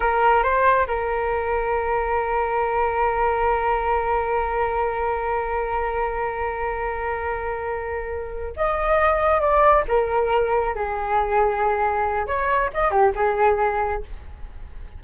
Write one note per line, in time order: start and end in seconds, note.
0.00 0.43 A#4
0.43 0.87 C5
0.87 8.53 A#4
8.56 9.40 D#5
9.40 9.84 D5
9.88 10.75 A#4
10.75 12.26 G#4
12.26 12.70 C#5
12.73 12.90 D#5
12.90 13.12 G4
13.15 14.03 G#4